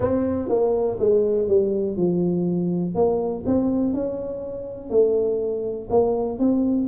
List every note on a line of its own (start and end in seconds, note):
0.00 0.48 C4
0.48 0.97 A#3
0.99 1.48 G#3
1.48 1.96 G3
1.96 2.94 F3
2.95 3.44 A#3
3.46 3.93 C4
3.93 4.90 C#4
4.90 5.88 A3
5.90 6.38 A#3
6.38 6.87 C4